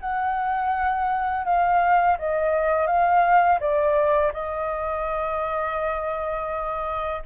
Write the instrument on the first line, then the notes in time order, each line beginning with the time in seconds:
flute
0.00 F#5
1.45 F5
2.18 D#5
2.87 F5
3.59 D5
4.33 D#5